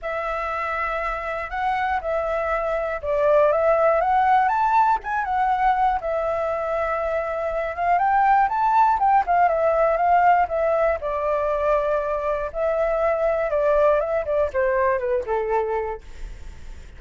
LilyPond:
\new Staff \with { instrumentName = "flute" } { \time 4/4 \tempo 4 = 120 e''2. fis''4 | e''2 d''4 e''4 | fis''4 a''4 gis''8 fis''4. | e''2.~ e''8 f''8 |
g''4 a''4 g''8 f''8 e''4 | f''4 e''4 d''2~ | d''4 e''2 d''4 | e''8 d''8 c''4 b'8 a'4. | }